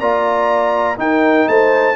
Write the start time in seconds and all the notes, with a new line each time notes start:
0.00 A#3 F4 D5 A#5
0.97 D#4 A#4 G5
1.48 A3 C5 A5